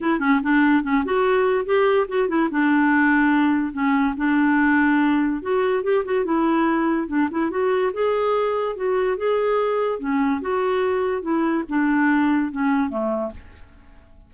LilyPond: \new Staff \with { instrumentName = "clarinet" } { \time 4/4 \tempo 4 = 144 e'8 cis'8 d'4 cis'8 fis'4. | g'4 fis'8 e'8 d'2~ | d'4 cis'4 d'2~ | d'4 fis'4 g'8 fis'8 e'4~ |
e'4 d'8 e'8 fis'4 gis'4~ | gis'4 fis'4 gis'2 | cis'4 fis'2 e'4 | d'2 cis'4 a4 | }